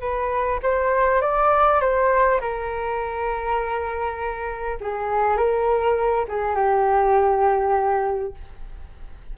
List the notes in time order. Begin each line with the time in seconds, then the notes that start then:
0.00 B4
0.62 C5
1.21 D5
1.80 C5
2.40 A#4
4.80 G#4
5.37 A#4
6.28 G#4
6.55 G4